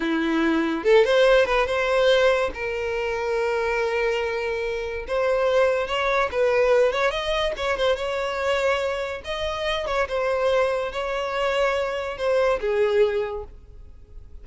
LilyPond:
\new Staff \with { instrumentName = "violin" } { \time 4/4 \tempo 4 = 143 e'2 a'8 c''4 b'8 | c''2 ais'2~ | ais'1 | c''2 cis''4 b'4~ |
b'8 cis''8 dis''4 cis''8 c''8 cis''4~ | cis''2 dis''4. cis''8 | c''2 cis''2~ | cis''4 c''4 gis'2 | }